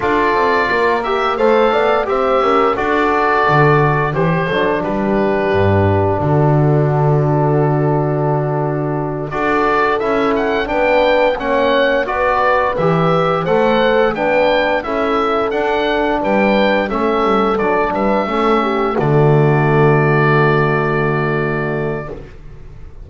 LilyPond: <<
  \new Staff \with { instrumentName = "oboe" } { \time 4/4 \tempo 4 = 87 d''4. e''8 f''4 e''4 | d''2 c''4 b'4~ | b'4 a'2.~ | a'4. d''4 e''8 fis''8 g''8~ |
g''8 fis''4 d''4 e''4 fis''8~ | fis''8 g''4 e''4 fis''4 g''8~ | g''8 e''4 d''8 e''4. d''8~ | d''1 | }
  \new Staff \with { instrumentName = "horn" } { \time 4/4 a'4 ais'4 c''8 d''8 c''8 ais'8 | a'2 g'8 a'8 g'4~ | g'4 fis'2.~ | fis'4. a'2 b'8~ |
b'8 cis''4 b'2 c''8~ | c''8 b'4 a'2 b'8~ | b'8 a'4. b'8 a'8 g'8 fis'8~ | fis'1 | }
  \new Staff \with { instrumentName = "trombone" } { \time 4/4 f'4. g'8 a'4 g'4 | fis'2 g'8 d'4.~ | d'1~ | d'4. fis'4 e'4 d'8~ |
d'8 cis'4 fis'4 g'4 a'8~ | a'8 d'4 e'4 d'4.~ | d'8 cis'4 d'4 cis'4 a8~ | a1 | }
  \new Staff \with { instrumentName = "double bass" } { \time 4/4 d'8 c'8 ais4 a8 b8 c'8 cis'8 | d'4 d4 e8 fis8 g4 | g,4 d2.~ | d4. d'4 cis'4 b8~ |
b8 ais4 b4 e4 a8~ | a8 b4 cis'4 d'4 g8~ | g8 a8 g8 fis8 g8 a4 d8~ | d1 | }
>>